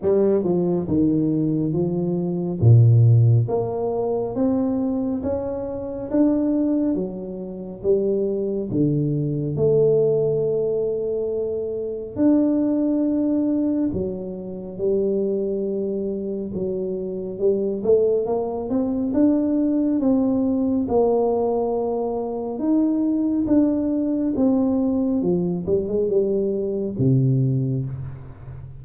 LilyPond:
\new Staff \with { instrumentName = "tuba" } { \time 4/4 \tempo 4 = 69 g8 f8 dis4 f4 ais,4 | ais4 c'4 cis'4 d'4 | fis4 g4 d4 a4~ | a2 d'2 |
fis4 g2 fis4 | g8 a8 ais8 c'8 d'4 c'4 | ais2 dis'4 d'4 | c'4 f8 g16 gis16 g4 c4 | }